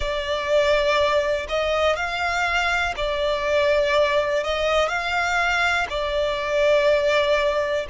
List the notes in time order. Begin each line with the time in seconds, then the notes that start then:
0.00 D5
1.48 D#5
1.95 F5
2.96 D5
4.43 D#5
4.88 F5
5.89 D5